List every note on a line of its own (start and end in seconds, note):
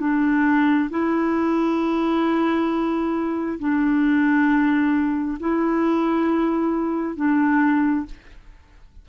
0.00 0.90 D4
0.90 3.59 E4
3.59 5.38 D4
5.39 7.16 E4
7.16 8.06 D4